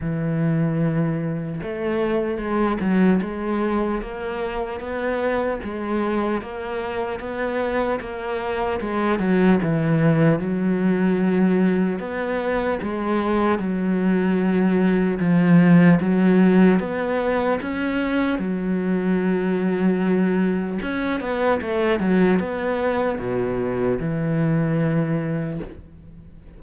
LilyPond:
\new Staff \with { instrumentName = "cello" } { \time 4/4 \tempo 4 = 75 e2 a4 gis8 fis8 | gis4 ais4 b4 gis4 | ais4 b4 ais4 gis8 fis8 | e4 fis2 b4 |
gis4 fis2 f4 | fis4 b4 cis'4 fis4~ | fis2 cis'8 b8 a8 fis8 | b4 b,4 e2 | }